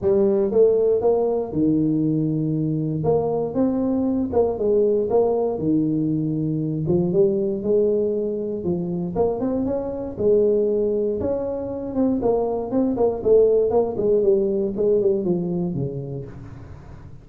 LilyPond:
\new Staff \with { instrumentName = "tuba" } { \time 4/4 \tempo 4 = 118 g4 a4 ais4 dis4~ | dis2 ais4 c'4~ | c'8 ais8 gis4 ais4 dis4~ | dis4. f8 g4 gis4~ |
gis4 f4 ais8 c'8 cis'4 | gis2 cis'4. c'8 | ais4 c'8 ais8 a4 ais8 gis8 | g4 gis8 g8 f4 cis4 | }